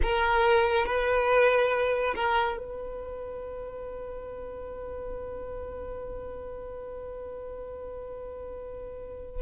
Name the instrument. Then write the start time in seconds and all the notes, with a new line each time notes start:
violin
0.02 A#4
0.85 B4
2.15 A#4
2.57 B4